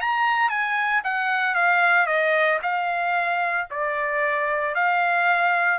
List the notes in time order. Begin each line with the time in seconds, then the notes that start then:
0.00 A#5
0.49 G#5
1.04 F#5
1.55 F5
2.06 D#5
2.62 F5
3.70 D5
4.75 F5